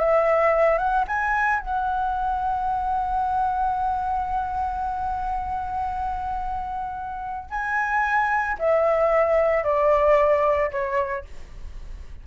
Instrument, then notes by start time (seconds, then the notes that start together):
flute
0.00 E5
0.78 F#5
1.08 G#5
1.60 F#5
7.50 G#5
8.59 E5
9.64 D5
10.71 C#5